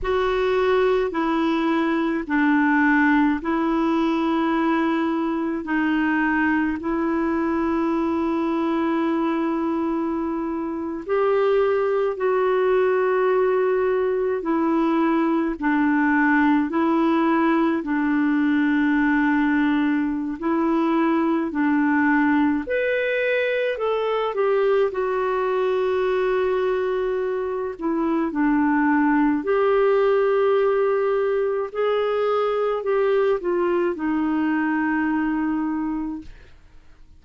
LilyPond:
\new Staff \with { instrumentName = "clarinet" } { \time 4/4 \tempo 4 = 53 fis'4 e'4 d'4 e'4~ | e'4 dis'4 e'2~ | e'4.~ e'16 g'4 fis'4~ fis'16~ | fis'8. e'4 d'4 e'4 d'16~ |
d'2 e'4 d'4 | b'4 a'8 g'8 fis'2~ | fis'8 e'8 d'4 g'2 | gis'4 g'8 f'8 dis'2 | }